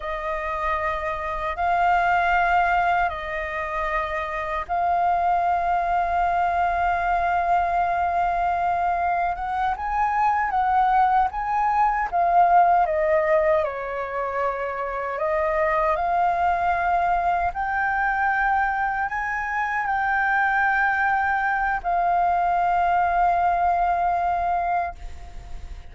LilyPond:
\new Staff \with { instrumentName = "flute" } { \time 4/4 \tempo 4 = 77 dis''2 f''2 | dis''2 f''2~ | f''1 | fis''8 gis''4 fis''4 gis''4 f''8~ |
f''8 dis''4 cis''2 dis''8~ | dis''8 f''2 g''4.~ | g''8 gis''4 g''2~ g''8 | f''1 | }